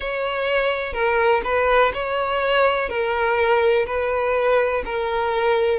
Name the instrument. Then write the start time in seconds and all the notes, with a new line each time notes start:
violin
0.00 C#5
0.93 A#4
1.43 B4
1.93 C#5
2.89 A#4
3.86 B4
4.85 A#4